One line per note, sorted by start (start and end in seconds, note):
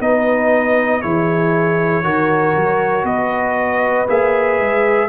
0.00 1.02 B3
0.00 1.02 D#4
0.00 1.02 B4
0.00 1.01 D#5
1.01 2.04 E3
1.01 2.03 E4
1.01 2.04 G#4
1.01 3.05 C#5
2.03 2.55 D#3
2.03 4.07 F#4
2.03 3.05 A#4
2.56 3.04 F#3
3.04 4.05 B3
3.04 5.08 B4
3.04 4.07 D#5
4.07 4.59 A#3
4.07 5.08 G#4
4.07 5.08 E5
4.59 5.08 G#3